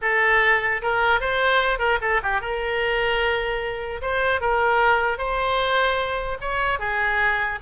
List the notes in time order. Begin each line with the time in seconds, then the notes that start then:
0.01 A4
0.82 A#4
1.20 C5
1.79 A#4
2.01 A4
2.22 G4
2.41 A#4
4.01 C5
4.40 A#4
5.18 C5
6.40 C#5
6.79 G#4